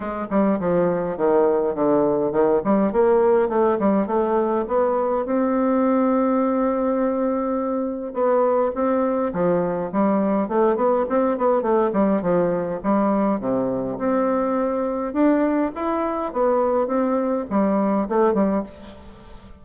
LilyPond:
\new Staff \with { instrumentName = "bassoon" } { \time 4/4 \tempo 4 = 103 gis8 g8 f4 dis4 d4 | dis8 g8 ais4 a8 g8 a4 | b4 c'2.~ | c'2 b4 c'4 |
f4 g4 a8 b8 c'8 b8 | a8 g8 f4 g4 c4 | c'2 d'4 e'4 | b4 c'4 g4 a8 g8 | }